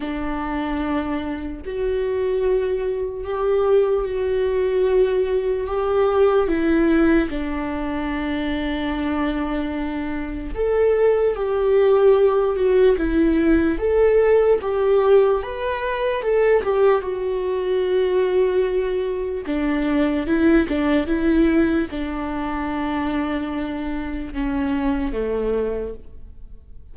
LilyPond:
\new Staff \with { instrumentName = "viola" } { \time 4/4 \tempo 4 = 74 d'2 fis'2 | g'4 fis'2 g'4 | e'4 d'2.~ | d'4 a'4 g'4. fis'8 |
e'4 a'4 g'4 b'4 | a'8 g'8 fis'2. | d'4 e'8 d'8 e'4 d'4~ | d'2 cis'4 a4 | }